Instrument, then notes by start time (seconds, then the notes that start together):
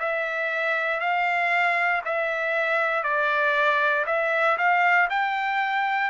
trumpet
0.00 E5
1.01 F5
2.06 E5
3.04 D5
4.07 E5
4.58 F5
5.10 G5